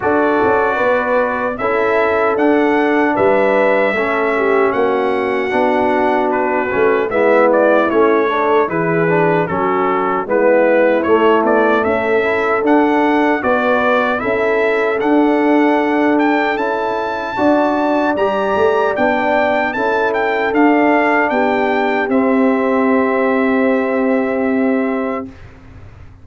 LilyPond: <<
  \new Staff \with { instrumentName = "trumpet" } { \time 4/4 \tempo 4 = 76 d''2 e''4 fis''4 | e''2 fis''2 | b'4 e''8 d''8 cis''4 b'4 | a'4 b'4 cis''8 d''8 e''4 |
fis''4 d''4 e''4 fis''4~ | fis''8 g''8 a''2 ais''4 | g''4 a''8 g''8 f''4 g''4 | e''1 | }
  \new Staff \with { instrumentName = "horn" } { \time 4/4 a'4 b'4 a'2 | b'4 a'8 g'8 fis'2~ | fis'4 e'4. a'8 gis'4 | fis'4 e'2 a'4~ |
a'4 b'4 a'2~ | a'2 d''2~ | d''4 a'2 g'4~ | g'1 | }
  \new Staff \with { instrumentName = "trombone" } { \time 4/4 fis'2 e'4 d'4~ | d'4 cis'2 d'4~ | d'8 cis'8 b4 cis'8 d'8 e'8 d'8 | cis'4 b4 a4. e'8 |
d'4 fis'4 e'4 d'4~ | d'4 e'4 fis'4 g'4 | d'4 e'4 d'2 | c'1 | }
  \new Staff \with { instrumentName = "tuba" } { \time 4/4 d'8 cis'8 b4 cis'4 d'4 | g4 a4 ais4 b4~ | b8 a8 gis4 a4 e4 | fis4 gis4 a8 b8 cis'4 |
d'4 b4 cis'4 d'4~ | d'4 cis'4 d'4 g8 a8 | b4 cis'4 d'4 b4 | c'1 | }
>>